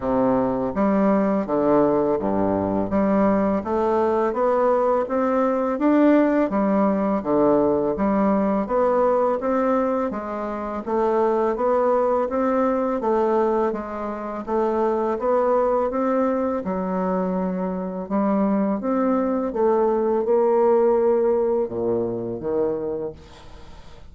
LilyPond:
\new Staff \with { instrumentName = "bassoon" } { \time 4/4 \tempo 4 = 83 c4 g4 d4 g,4 | g4 a4 b4 c'4 | d'4 g4 d4 g4 | b4 c'4 gis4 a4 |
b4 c'4 a4 gis4 | a4 b4 c'4 fis4~ | fis4 g4 c'4 a4 | ais2 ais,4 dis4 | }